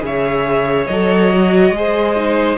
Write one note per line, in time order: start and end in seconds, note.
0.00 0.87 C#3
0.00 0.86 G#4
0.00 1.77 C#5
0.00 0.86 E5
0.86 1.71 F#3
0.86 1.32 A4
0.86 2.57 D#5
1.32 1.74 F#4
1.71 2.56 G#3
1.71 2.16 G#4
1.77 2.57 C5
2.16 2.57 D#4